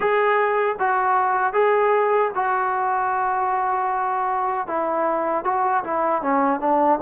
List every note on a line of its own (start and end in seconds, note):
0.00 0.75 G#4
0.79 1.53 F#4
1.53 2.31 G#4
2.34 4.67 F#4
4.67 5.44 E4
5.44 5.83 F#4
5.83 6.22 E4
6.22 6.60 C#4
6.60 6.99 D4